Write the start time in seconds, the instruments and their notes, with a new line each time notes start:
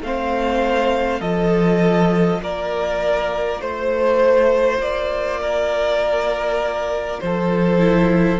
0.00 cello A3, viola C4, violin C5 F5
1.19 cello F3, viola F4, violin A4 D#5
2.41 cello A#3, violin A#4 D5
3.60 cello A3, violin C5
4.78 cello A#3, violin D5
5.41 violin A#4
7.19 cello F3, violin A4 C5
7.79 viola E4